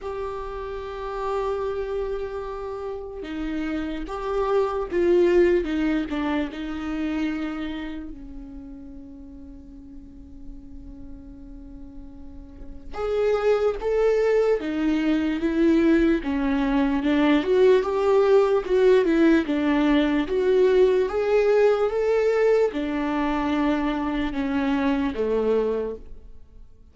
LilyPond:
\new Staff \with { instrumentName = "viola" } { \time 4/4 \tempo 4 = 74 g'1 | dis'4 g'4 f'4 dis'8 d'8 | dis'2 cis'2~ | cis'1 |
gis'4 a'4 dis'4 e'4 | cis'4 d'8 fis'8 g'4 fis'8 e'8 | d'4 fis'4 gis'4 a'4 | d'2 cis'4 a4 | }